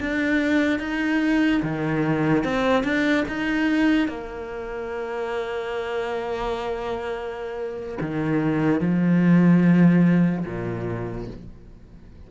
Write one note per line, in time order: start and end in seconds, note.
0.00 0.79 D4
0.79 1.61 D#4
1.63 2.44 D#3
2.44 2.84 C4
2.84 3.25 D4
3.28 4.08 D#4
4.08 7.99 A#3
8.01 8.81 D#3
8.81 10.45 F3
10.46 11.28 A#2